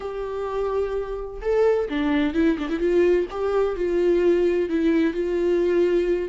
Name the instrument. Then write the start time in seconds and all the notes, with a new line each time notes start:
viola
0.00 G4
1.41 A4
1.89 D4
2.34 E4
2.58 D4
2.69 E4
2.79 F4
3.30 G4
3.75 F4
4.69 E4
5.13 F4